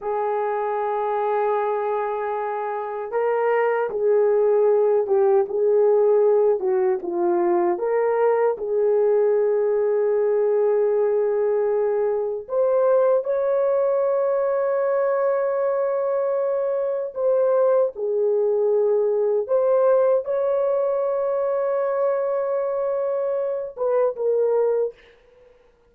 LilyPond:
\new Staff \with { instrumentName = "horn" } { \time 4/4 \tempo 4 = 77 gis'1 | ais'4 gis'4. g'8 gis'4~ | gis'8 fis'8 f'4 ais'4 gis'4~ | gis'1 |
c''4 cis''2.~ | cis''2 c''4 gis'4~ | gis'4 c''4 cis''2~ | cis''2~ cis''8 b'8 ais'4 | }